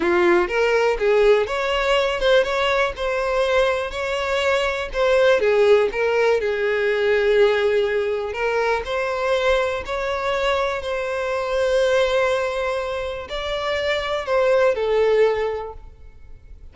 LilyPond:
\new Staff \with { instrumentName = "violin" } { \time 4/4 \tempo 4 = 122 f'4 ais'4 gis'4 cis''4~ | cis''8 c''8 cis''4 c''2 | cis''2 c''4 gis'4 | ais'4 gis'2.~ |
gis'4 ais'4 c''2 | cis''2 c''2~ | c''2. d''4~ | d''4 c''4 a'2 | }